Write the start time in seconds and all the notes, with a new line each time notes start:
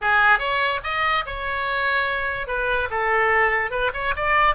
0.01 G#4
0.38 C#5
0.83 D#5
1.25 C#5
2.47 B4
2.90 A4
3.70 B4
3.93 C#5
4.16 D5